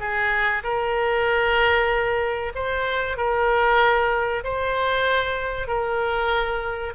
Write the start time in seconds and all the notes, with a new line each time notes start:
0.00 G#4
0.63 A#4
2.55 C5
3.17 A#4
4.44 C5
5.68 A#4